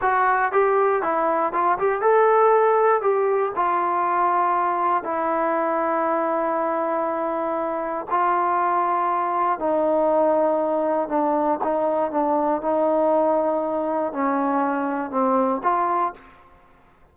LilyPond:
\new Staff \with { instrumentName = "trombone" } { \time 4/4 \tempo 4 = 119 fis'4 g'4 e'4 f'8 g'8 | a'2 g'4 f'4~ | f'2 e'2~ | e'1 |
f'2. dis'4~ | dis'2 d'4 dis'4 | d'4 dis'2. | cis'2 c'4 f'4 | }